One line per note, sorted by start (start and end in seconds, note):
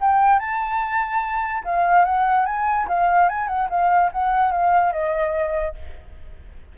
0.00 0.39 G5
0.39 1.63 A5
1.64 2.05 F5
2.05 2.45 F#5
2.45 2.87 G#5
2.88 3.28 F5
3.28 3.47 G#5
3.47 3.68 F#5
3.69 4.11 F5
4.12 4.51 F#5
4.51 4.92 F5
4.92 5.75 D#5